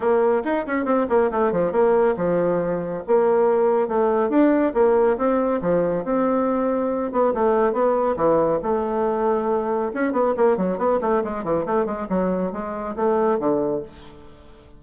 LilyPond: \new Staff \with { instrumentName = "bassoon" } { \time 4/4 \tempo 4 = 139 ais4 dis'8 cis'8 c'8 ais8 a8 f8 | ais4 f2 ais4~ | ais4 a4 d'4 ais4 | c'4 f4 c'2~ |
c'8 b8 a4 b4 e4 | a2. cis'8 b8 | ais8 fis8 b8 a8 gis8 e8 a8 gis8 | fis4 gis4 a4 d4 | }